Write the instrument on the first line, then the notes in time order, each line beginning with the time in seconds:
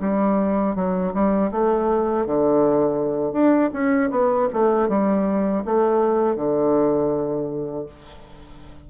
bassoon
0.00 G3
0.75 F#3
1.14 G3
1.51 A3
2.26 D3
3.32 D4
3.73 C#4
4.10 B3
4.53 A3
4.89 G3
5.65 A3
6.35 D3